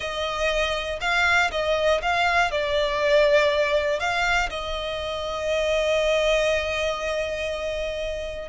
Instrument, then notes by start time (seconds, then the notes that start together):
violin
0.00 D#5
1.00 F5
1.51 D#5
2.02 F5
2.51 D5
3.99 F5
4.50 D#5